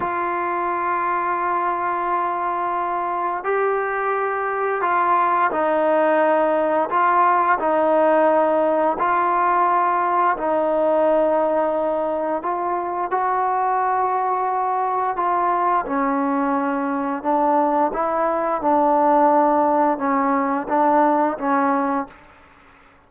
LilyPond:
\new Staff \with { instrumentName = "trombone" } { \time 4/4 \tempo 4 = 87 f'1~ | f'4 g'2 f'4 | dis'2 f'4 dis'4~ | dis'4 f'2 dis'4~ |
dis'2 f'4 fis'4~ | fis'2 f'4 cis'4~ | cis'4 d'4 e'4 d'4~ | d'4 cis'4 d'4 cis'4 | }